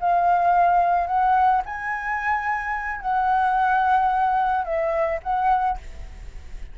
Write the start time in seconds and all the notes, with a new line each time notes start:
0.00 F5
1.07 F#5
1.65 G#5
3.01 F#5
4.64 E5
5.22 F#5